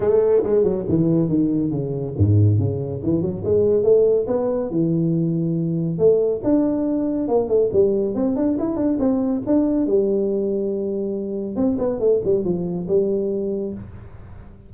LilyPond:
\new Staff \with { instrumentName = "tuba" } { \time 4/4 \tempo 4 = 140 a4 gis8 fis8 e4 dis4 | cis4 gis,4 cis4 e8 fis8 | gis4 a4 b4 e4~ | e2 a4 d'4~ |
d'4 ais8 a8 g4 c'8 d'8 | e'8 d'8 c'4 d'4 g4~ | g2. c'8 b8 | a8 g8 f4 g2 | }